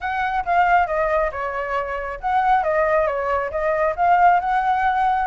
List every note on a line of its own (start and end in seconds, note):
0.00 0.44 F#5
0.45 0.87 F5
0.87 1.30 D#5
1.31 2.19 C#5
2.20 2.63 F#5
2.63 3.06 D#5
3.06 3.50 C#5
3.50 3.94 D#5
3.96 4.39 F5
4.40 5.27 F#5